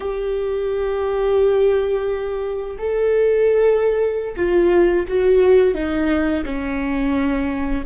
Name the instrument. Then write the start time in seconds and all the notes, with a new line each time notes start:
viola
0.00 G4
2.78 A4
4.36 F4
5.07 F#4
5.74 D#4
6.45 C#4